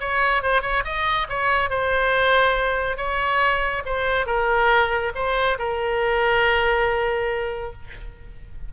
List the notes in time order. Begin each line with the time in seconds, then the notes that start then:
0.00 C#5
0.42 C5
0.62 C#5
0.84 D#5
1.29 C#5
1.70 C5
2.97 C#5
3.85 C5
4.26 A#4
5.15 C5
5.58 A#4